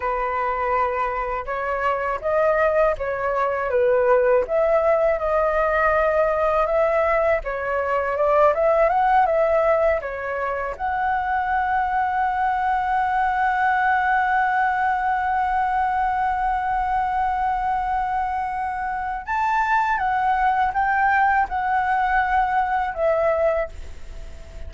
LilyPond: \new Staff \with { instrumentName = "flute" } { \time 4/4 \tempo 4 = 81 b'2 cis''4 dis''4 | cis''4 b'4 e''4 dis''4~ | dis''4 e''4 cis''4 d''8 e''8 | fis''8 e''4 cis''4 fis''4.~ |
fis''1~ | fis''1~ | fis''2 a''4 fis''4 | g''4 fis''2 e''4 | }